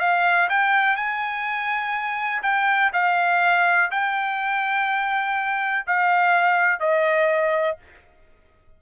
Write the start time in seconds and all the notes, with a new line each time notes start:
0.00 F5
0.50 G5
0.96 G#5
2.43 G5
2.93 F5
3.91 G5
5.87 F5
6.80 D#5